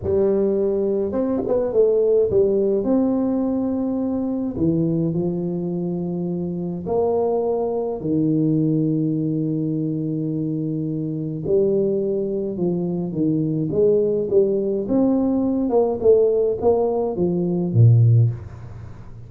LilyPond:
\new Staff \with { instrumentName = "tuba" } { \time 4/4 \tempo 4 = 105 g2 c'8 b8 a4 | g4 c'2. | e4 f2. | ais2 dis2~ |
dis1 | g2 f4 dis4 | gis4 g4 c'4. ais8 | a4 ais4 f4 ais,4 | }